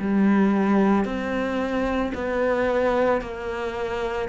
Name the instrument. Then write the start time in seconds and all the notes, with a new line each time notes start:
cello
0.00 G3
1.05 C4
2.15 B3
3.21 A#3